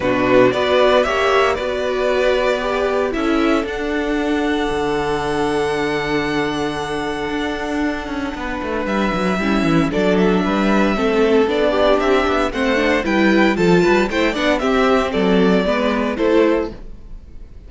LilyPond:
<<
  \new Staff \with { instrumentName = "violin" } { \time 4/4 \tempo 4 = 115 b'4 d''4 e''4 d''4~ | d''2 e''4 fis''4~ | fis''1~ | fis''1~ |
fis''4 e''2 d''8 e''8~ | e''2 d''4 e''4 | fis''4 g''4 a''4 g''8 fis''8 | e''4 d''2 c''4 | }
  \new Staff \with { instrumentName = "violin" } { \time 4/4 fis'4 b'4 cis''4 b'4~ | b'2 a'2~ | a'1~ | a'1 |
b'2 e'4 a'4 | b'4 a'4. g'4. | c''4 b'4 a'8 b'8 c''8 d''8 | g'4 a'4 b'4 a'4 | }
  \new Staff \with { instrumentName = "viola" } { \time 4/4 d'4 fis'4 g'4 fis'4~ | fis'4 g'4 e'4 d'4~ | d'1~ | d'1~ |
d'2 cis'4 d'4~ | d'4 c'4 d'2 | c'8 d'8 e'4 f'4 e'8 d'8 | c'2 b4 e'4 | }
  \new Staff \with { instrumentName = "cello" } { \time 4/4 b,4 b4 ais4 b4~ | b2 cis'4 d'4~ | d'4 d2.~ | d2 d'4. cis'8 |
b8 a8 g8 fis8 g8 e8 fis4 | g4 a4 b4 c'8 b8 | a4 g4 f8 g8 a8 b8 | c'4 fis4 gis4 a4 | }
>>